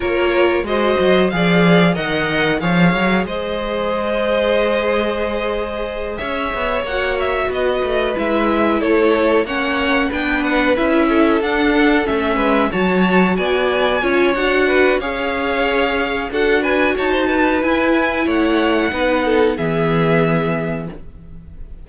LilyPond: <<
  \new Staff \with { instrumentName = "violin" } { \time 4/4 \tempo 4 = 92 cis''4 dis''4 f''4 fis''4 | f''4 dis''2.~ | dis''4. e''4 fis''8 e''8 dis''8~ | dis''8 e''4 cis''4 fis''4 g''8 |
fis''8 e''4 fis''4 e''4 a''8~ | a''8 gis''4. fis''4 f''4~ | f''4 fis''8 gis''8 a''4 gis''4 | fis''2 e''2 | }
  \new Staff \with { instrumentName = "violin" } { \time 4/4 ais'4 c''4 d''4 dis''4 | cis''4 c''2.~ | c''4. cis''2 b'8~ | b'4. a'4 cis''4 b'8~ |
b'4 a'2 b'8 cis''8~ | cis''8 d''4 cis''4 b'8 cis''4~ | cis''4 a'8 b'8 cis''16 c''16 b'4. | cis''4 b'8 a'8 gis'2 | }
  \new Staff \with { instrumentName = "viola" } { \time 4/4 f'4 fis'4 gis'4 ais'4 | gis'1~ | gis'2~ gis'8 fis'4.~ | fis'8 e'2 cis'4 d'8~ |
d'8 e'4 d'4 cis'4 fis'8~ | fis'4. f'8 fis'4 gis'4~ | gis'4 fis'2 e'4~ | e'4 dis'4 b2 | }
  \new Staff \with { instrumentName = "cello" } { \time 4/4 ais4 gis8 fis8 f4 dis4 | f8 fis8 gis2.~ | gis4. cis'8 b8 ais4 b8 | a8 gis4 a4 ais4 b8~ |
b8 cis'4 d'4 a8 gis8 fis8~ | fis8 b4 cis'8 d'4 cis'4~ | cis'4 d'4 dis'4 e'4 | a4 b4 e2 | }
>>